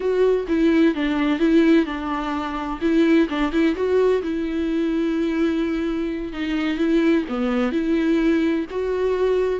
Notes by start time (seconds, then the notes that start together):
0.00 F#4
0.48 E4
0.95 D4
1.39 E4
1.85 D4
2.81 E4
3.29 D4
3.52 E4
3.75 F#4
4.22 E4
6.33 D#4
6.77 E4
7.28 B3
7.72 E4
8.70 F#4